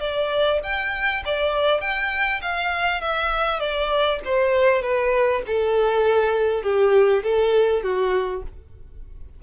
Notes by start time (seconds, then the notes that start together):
0.00 D5
0.63 G5
1.25 D5
1.81 G5
2.42 F5
3.01 E5
3.60 D5
4.25 C5
4.82 B4
5.47 A4
6.63 G4
7.24 A4
7.83 F#4